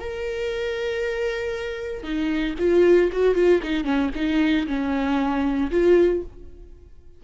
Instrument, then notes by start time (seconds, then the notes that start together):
viola
0.00 A#4
2.03 D#4
2.59 F4
3.12 F#4
3.35 F4
3.63 D#4
3.84 C#4
4.15 D#4
4.67 C#4
5.71 F4